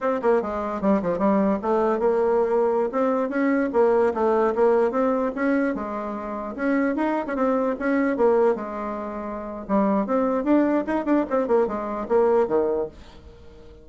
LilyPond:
\new Staff \with { instrumentName = "bassoon" } { \time 4/4 \tempo 4 = 149 c'8 ais8 gis4 g8 f8 g4 | a4 ais2~ ais16 c'8.~ | c'16 cis'4 ais4 a4 ais8.~ | ais16 c'4 cis'4 gis4.~ gis16~ |
gis16 cis'4 dis'8. cis'16 c'4 cis'8.~ | cis'16 ais4 gis2~ gis8. | g4 c'4 d'4 dis'8 d'8 | c'8 ais8 gis4 ais4 dis4 | }